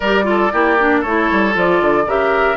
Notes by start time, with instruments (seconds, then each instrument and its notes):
0.00 bassoon G3, clarinet G4, oboe A#4, flute D5
0.23 clarinet F4
0.29 oboe A4
0.52 bassoon A#3, clarinet E4, oboe G4
0.79 clarinet D4
1.00 bassoon A3, clarinet E4, oboe A4, flute C#5
1.31 bassoon G3
1.52 bassoon F3, clarinet F4, flute D5
1.80 bassoon D3
2.06 bassoon C#3, clarinet G4, oboe A#4, flute E5